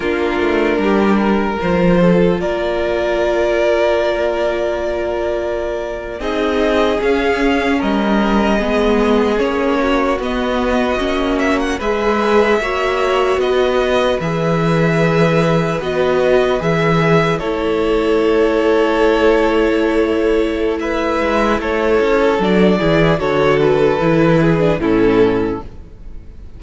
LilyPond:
<<
  \new Staff \with { instrumentName = "violin" } { \time 4/4 \tempo 4 = 75 ais'2 c''4 d''4~ | d''2.~ d''8. dis''16~ | dis''8. f''4 dis''2 cis''16~ | cis''8. dis''4. e''16 fis''16 e''4~ e''16~ |
e''8. dis''4 e''2 dis''16~ | dis''8. e''4 cis''2~ cis''16~ | cis''2 e''4 cis''4 | d''4 cis''8 b'4. a'4 | }
  \new Staff \with { instrumentName = "violin" } { \time 4/4 f'4 g'8 ais'4 a'8 ais'4~ | ais'2.~ ais'8. gis'16~ | gis'4.~ gis'16 ais'4 gis'4~ gis'16~ | gis'16 fis'2~ fis'8 b'4 cis''16~ |
cis''8. b'2.~ b'16~ | b'4.~ b'16 a'2~ a'16~ | a'2 b'4 a'4~ | a'8 gis'8 a'4. gis'8 e'4 | }
  \new Staff \with { instrumentName = "viola" } { \time 4/4 d'2 f'2~ | f'2.~ f'8. dis'16~ | dis'8. cis'2 b4 cis'16~ | cis'8. b4 cis'4 gis'4 fis'16~ |
fis'4.~ fis'16 gis'2 fis'16~ | fis'8. gis'4 e'2~ e'16~ | e'1 | d'8 e'8 fis'4 e'8. d'16 cis'4 | }
  \new Staff \with { instrumentName = "cello" } { \time 4/4 ais8 a8 g4 f4 ais4~ | ais2.~ ais8. c'16~ | c'8. cis'4 g4 gis4 ais16~ | ais8. b4 ais4 gis4 ais16~ |
ais8. b4 e2 b16~ | b8. e4 a2~ a16~ | a2~ a8 gis8 a8 cis'8 | fis8 e8 d4 e4 a,4 | }
>>